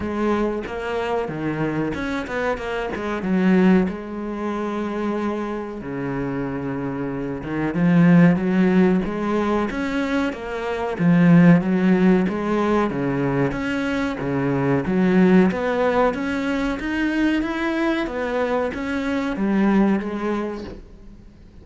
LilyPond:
\new Staff \with { instrumentName = "cello" } { \time 4/4 \tempo 4 = 93 gis4 ais4 dis4 cis'8 b8 | ais8 gis8 fis4 gis2~ | gis4 cis2~ cis8 dis8 | f4 fis4 gis4 cis'4 |
ais4 f4 fis4 gis4 | cis4 cis'4 cis4 fis4 | b4 cis'4 dis'4 e'4 | b4 cis'4 g4 gis4 | }